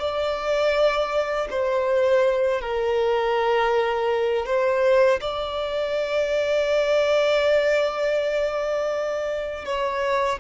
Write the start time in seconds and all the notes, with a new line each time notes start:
0.00 D5
1.51 C5
2.62 A#4
4.46 C5
5.21 D5
9.66 C#5